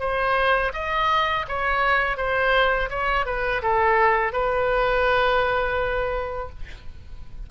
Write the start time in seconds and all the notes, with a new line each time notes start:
0.00 C5
0.74 D#5
1.48 C#5
2.17 C5
2.90 C#5
3.26 B4
3.62 A4
4.33 B4